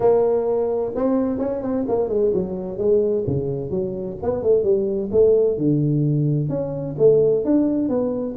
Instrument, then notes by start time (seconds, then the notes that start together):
tuba
0.00 A#3
0.95 C4
1.38 C#4
1.62 C4
1.88 A#3
2.08 G#3
2.33 F#3
2.78 G#3
3.26 C#3
3.70 F#3
4.22 B3
4.42 A3
4.63 G3
5.11 A3
5.57 D3
6.49 C#4
6.98 A3
7.44 D4
7.88 B3